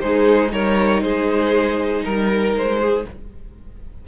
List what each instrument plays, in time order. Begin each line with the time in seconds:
0.00 cello G#3, violin D#4 C5, viola G#4
0.48 cello G3, viola D#4, violin A#4 C#5
1.01 cello G#3, violin G#4 C5
2.05 cello G3, violin A#4
2.54 cello G#3, violin C5
2.80 violin G#4